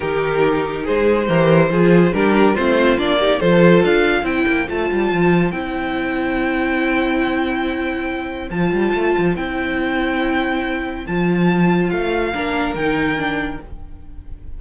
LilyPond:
<<
  \new Staff \with { instrumentName = "violin" } { \time 4/4 \tempo 4 = 141 ais'2 c''2~ | c''4 ais'4 c''4 d''4 | c''4 f''4 g''4 a''4~ | a''4 g''2.~ |
g''1 | a''2 g''2~ | g''2 a''2 | f''2 g''2 | }
  \new Staff \with { instrumentName = "violin" } { \time 4/4 g'2 gis'4 ais'4 | gis'4 g'4 f'4. g'8 | a'2 c''2~ | c''1~ |
c''1~ | c''1~ | c''1~ | c''4 ais'2. | }
  \new Staff \with { instrumentName = "viola" } { \time 4/4 dis'2. g'4 | f'4 d'4 c'4 d'8 dis'8 | f'2 e'4 f'4~ | f'4 e'2.~ |
e'1 | f'2 e'2~ | e'2 f'2~ | f'4 d'4 dis'4 d'4 | }
  \new Staff \with { instrumentName = "cello" } { \time 4/4 dis2 gis4 e4 | f4 g4 a4 ais4 | f4 d'4 c'8 ais8 a8 g8 | f4 c'2.~ |
c'1 | f8 g8 a8 f8 c'2~ | c'2 f2 | a4 ais4 dis2 | }
>>